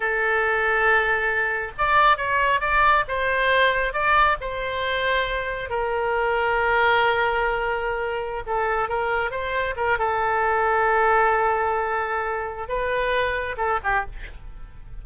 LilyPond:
\new Staff \with { instrumentName = "oboe" } { \time 4/4 \tempo 4 = 137 a'1 | d''4 cis''4 d''4 c''4~ | c''4 d''4 c''2~ | c''4 ais'2.~ |
ais'2.~ ais'16 a'8.~ | a'16 ais'4 c''4 ais'8 a'4~ a'16~ | a'1~ | a'4 b'2 a'8 g'8 | }